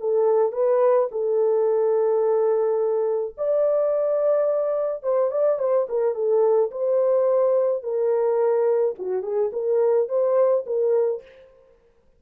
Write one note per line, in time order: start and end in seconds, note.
0.00 0.53 A4
0.53 1.09 B4
1.11 3.36 A4
3.38 5.03 D5
5.03 5.31 C5
5.31 5.59 D5
5.59 5.87 C5
5.89 6.15 A#4
6.15 6.71 A4
6.71 7.83 C5
7.83 8.95 A#4
8.98 9.23 F#4
9.23 9.51 G#4
9.53 10.09 A#4
10.09 10.65 C5
10.66 11.22 A#4